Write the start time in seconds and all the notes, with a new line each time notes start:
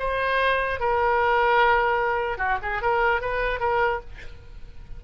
0.00 C5
0.80 A#4
2.38 F#4
2.63 G#4
2.82 A#4
3.21 B4
3.60 A#4